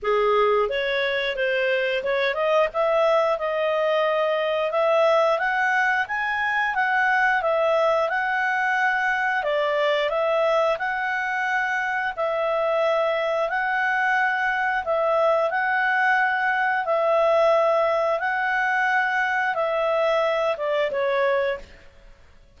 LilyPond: \new Staff \with { instrumentName = "clarinet" } { \time 4/4 \tempo 4 = 89 gis'4 cis''4 c''4 cis''8 dis''8 | e''4 dis''2 e''4 | fis''4 gis''4 fis''4 e''4 | fis''2 d''4 e''4 |
fis''2 e''2 | fis''2 e''4 fis''4~ | fis''4 e''2 fis''4~ | fis''4 e''4. d''8 cis''4 | }